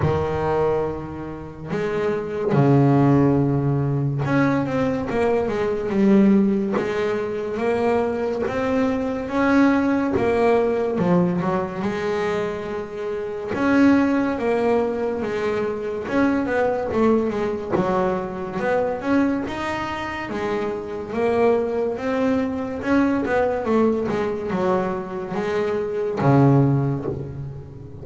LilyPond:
\new Staff \with { instrumentName = "double bass" } { \time 4/4 \tempo 4 = 71 dis2 gis4 cis4~ | cis4 cis'8 c'8 ais8 gis8 g4 | gis4 ais4 c'4 cis'4 | ais4 f8 fis8 gis2 |
cis'4 ais4 gis4 cis'8 b8 | a8 gis8 fis4 b8 cis'8 dis'4 | gis4 ais4 c'4 cis'8 b8 | a8 gis8 fis4 gis4 cis4 | }